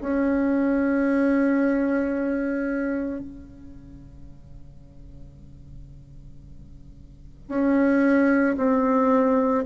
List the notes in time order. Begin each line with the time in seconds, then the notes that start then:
0.00 C#4
3.19 C#3
7.49 C#4
8.57 C4